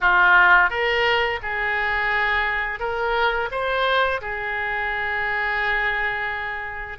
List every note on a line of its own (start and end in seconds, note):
0.00 0.70 F4
0.70 1.40 A#4
1.42 2.79 G#4
2.79 3.49 A#4
3.51 4.21 C5
4.21 6.98 G#4